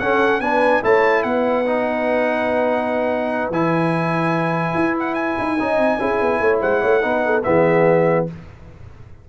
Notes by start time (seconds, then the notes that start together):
0.00 C#4 A4 F#5
0.41 B3 D4 B4 G#5
0.83 A3 E4 C#5 A5
1.24 B3 B4 F#5
1.66 D#4
3.50 E3 E4 G#5
4.75 E4
5.00 F#5
5.15 G#5
5.39 D#4
5.59 C#4 D#4 D#5
5.78 C4
5.99 C#4 E4 G#4
6.22 B3
6.41 A3 C#5
6.61 G#3 C5 F#5
6.81 A3 C#5
7.02 B3 D#4 B4
7.26 A4
7.44 E3 B3 G#4 E5